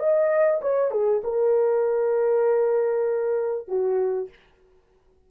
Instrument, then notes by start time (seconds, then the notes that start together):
horn
0.00 D#5
0.62 C#5
0.92 G#4
1.24 A#4
3.68 F#4